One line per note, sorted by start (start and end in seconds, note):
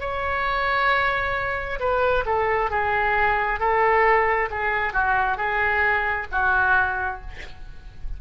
0.00 1.79 C#5
1.80 2.24 B4
2.26 2.70 A4
2.70 3.60 G#4
3.60 4.49 A4
4.50 4.93 G#4
4.93 5.37 F#4
5.37 6.27 G#4
6.32 7.21 F#4